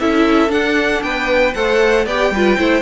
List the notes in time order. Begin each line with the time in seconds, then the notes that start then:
0.00 C#4 E4 A4 E5
0.49 D4 F#5
1.02 B3 B4 G5
1.54 A3 A4 C5 F#5
2.05 B3 G4 D5 G5
2.31 G3 F4 B4
2.58 A3 E4 C5